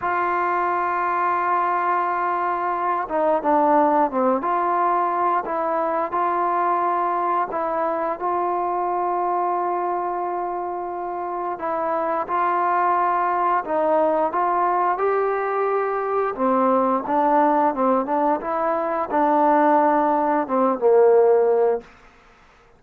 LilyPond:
\new Staff \with { instrumentName = "trombone" } { \time 4/4 \tempo 4 = 88 f'1~ | f'8 dis'8 d'4 c'8 f'4. | e'4 f'2 e'4 | f'1~ |
f'4 e'4 f'2 | dis'4 f'4 g'2 | c'4 d'4 c'8 d'8 e'4 | d'2 c'8 ais4. | }